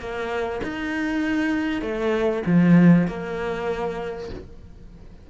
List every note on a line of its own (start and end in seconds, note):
0.00 0.61 A#3
0.63 1.82 D#4
1.82 2.43 A3
2.47 3.08 F3
3.08 4.30 A#3